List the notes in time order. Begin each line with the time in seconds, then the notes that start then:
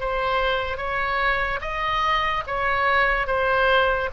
0.00 C5
0.77 C#5
1.61 D#5
2.47 C#5
3.27 C5